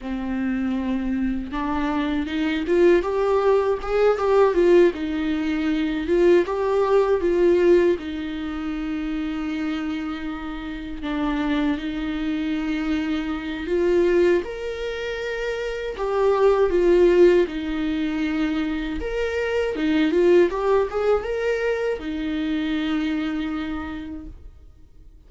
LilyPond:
\new Staff \with { instrumentName = "viola" } { \time 4/4 \tempo 4 = 79 c'2 d'4 dis'8 f'8 | g'4 gis'8 g'8 f'8 dis'4. | f'8 g'4 f'4 dis'4.~ | dis'2~ dis'8 d'4 dis'8~ |
dis'2 f'4 ais'4~ | ais'4 g'4 f'4 dis'4~ | dis'4 ais'4 dis'8 f'8 g'8 gis'8 | ais'4 dis'2. | }